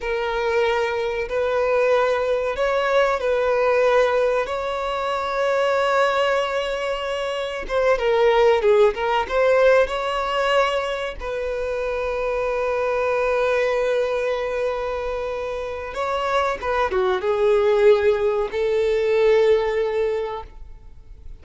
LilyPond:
\new Staff \with { instrumentName = "violin" } { \time 4/4 \tempo 4 = 94 ais'2 b'2 | cis''4 b'2 cis''4~ | cis''1 | c''8 ais'4 gis'8 ais'8 c''4 cis''8~ |
cis''4. b'2~ b'8~ | b'1~ | b'4 cis''4 b'8 fis'8 gis'4~ | gis'4 a'2. | }